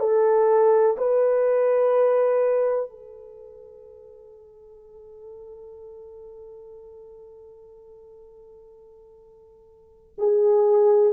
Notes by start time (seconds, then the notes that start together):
0.00 A4
0.97 B4
2.90 A4
10.18 G#4